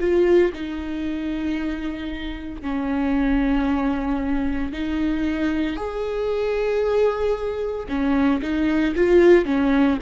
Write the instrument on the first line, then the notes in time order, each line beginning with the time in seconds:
viola
0.00 F4
0.54 D#4
2.63 C#4
4.73 D#4
5.77 G#4
7.89 C#4
8.43 D#4
8.96 F4
9.45 C#4